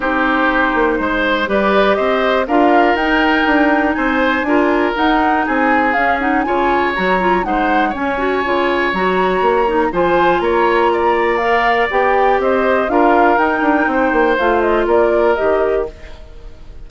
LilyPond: <<
  \new Staff \with { instrumentName = "flute" } { \time 4/4 \tempo 4 = 121 c''2. d''4 | dis''4 f''4 g''2 | gis''2 fis''4 gis''4 | f''8 fis''8 gis''4 ais''4 fis''4 |
gis''2 ais''2 | gis''4 ais''2 f''4 | g''4 dis''4 f''4 g''4~ | g''4 f''8 dis''8 d''4 dis''4 | }
  \new Staff \with { instrumentName = "oboe" } { \time 4/4 g'2 c''4 b'4 | c''4 ais'2. | c''4 ais'2 gis'4~ | gis'4 cis''2 c''4 |
cis''1 | c''4 cis''4 d''2~ | d''4 c''4 ais'2 | c''2 ais'2 | }
  \new Staff \with { instrumentName = "clarinet" } { \time 4/4 dis'2. g'4~ | g'4 f'4 dis'2~ | dis'4 f'4 dis'2 | cis'8 dis'8 f'4 fis'8 f'8 dis'4 |
cis'8 fis'8 f'4 fis'4. dis'8 | f'2. ais'4 | g'2 f'4 dis'4~ | dis'4 f'2 g'4 | }
  \new Staff \with { instrumentName = "bassoon" } { \time 4/4 c'4. ais8 gis4 g4 | c'4 d'4 dis'4 d'4 | c'4 d'4 dis'4 c'4 | cis'4 cis4 fis4 gis4 |
cis'4 cis4 fis4 ais4 | f4 ais2. | b4 c'4 d'4 dis'8 d'8 | c'8 ais8 a4 ais4 dis4 | }
>>